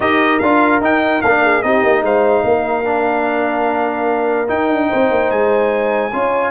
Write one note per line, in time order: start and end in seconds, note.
0.00 0.40 D#4
0.00 0.40 G4
0.00 1.43 A#4
0.00 0.39 D#5
0.39 0.80 D4
0.39 0.82 F4
0.39 0.79 F5
0.80 1.21 D#4
0.80 1.22 D#4
0.80 1.21 G5
1.21 1.63 A#3
1.21 1.63 D4
1.21 1.62 F5
1.43 1.64 G#4
1.62 1.83 C4
1.62 2.84 D#4
1.62 2.03 G4
1.62 2.03 D#5
1.83 2.02 A#3
2.02 2.43 G#3
2.02 2.44 C5
2.02 4.49 F5
2.44 4.48 A#3
2.44 4.89 A#4
2.84 4.47 D4
4.47 6.11 D#4
4.47 4.69 D#4
4.47 5.30 G5
4.69 4.89 D4
4.89 5.10 C4
4.89 6.11 C5
5.10 5.31 A#3
5.30 6.12 G#3
5.30 6.51 G#5
6.12 6.51 C#4
6.12 6.51 F4
6.12 6.51 C#5